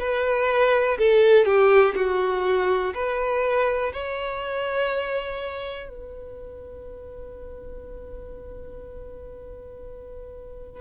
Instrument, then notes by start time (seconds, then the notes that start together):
violin
0.00 B4
0.99 A4
1.46 G4
1.96 F#4
2.95 B4
3.93 C#5
5.90 B4